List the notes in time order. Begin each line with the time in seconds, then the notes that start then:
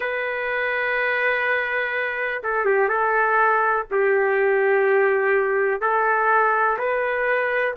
0.00 B4
2.43 A4
2.65 G4
2.88 A4
3.91 G4
5.81 A4
6.78 B4